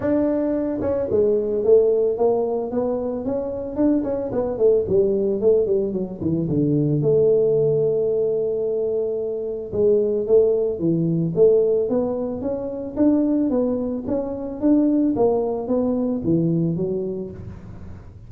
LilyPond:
\new Staff \with { instrumentName = "tuba" } { \time 4/4 \tempo 4 = 111 d'4. cis'8 gis4 a4 | ais4 b4 cis'4 d'8 cis'8 | b8 a8 g4 a8 g8 fis8 e8 | d4 a2.~ |
a2 gis4 a4 | e4 a4 b4 cis'4 | d'4 b4 cis'4 d'4 | ais4 b4 e4 fis4 | }